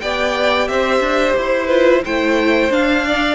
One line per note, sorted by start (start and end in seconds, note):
0.00 0.68 B3
0.00 1.69 G4
0.00 0.69 D5
0.00 0.67 G5
0.68 1.00 C4
0.68 1.66 C5
0.68 1.35 E5
1.00 1.33 D4
1.36 2.04 E4
1.36 2.04 C5
1.66 2.03 F4
1.66 2.00 B4
2.04 2.69 A3
2.04 2.71 E4
2.04 3.06 C5
2.04 2.71 G5
2.69 3.35 D4
2.69 3.35 F5
3.06 3.35 D5